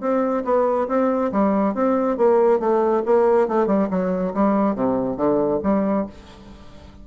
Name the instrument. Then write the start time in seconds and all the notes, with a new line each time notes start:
bassoon
0.00 C4
0.44 B3
0.88 C4
1.32 G3
1.74 C4
2.17 A#3
2.59 A3
3.05 A#3
3.48 A3
3.67 G3
3.90 F#3
4.34 G3
4.75 C3
5.16 D3
5.63 G3